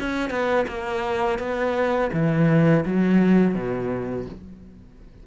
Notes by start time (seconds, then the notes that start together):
0.00 C#4
0.30 B3
0.68 A#3
1.39 B3
2.13 E3
2.86 F#3
3.55 B2